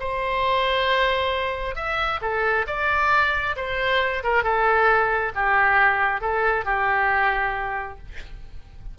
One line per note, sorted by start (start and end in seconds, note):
0.00 1.76 C5
1.76 2.20 E5
2.22 2.66 A4
2.67 3.56 D5
3.57 4.23 C5
4.23 4.44 A#4
4.44 5.33 A4
5.35 6.21 G4
6.21 6.65 A4
6.65 7.98 G4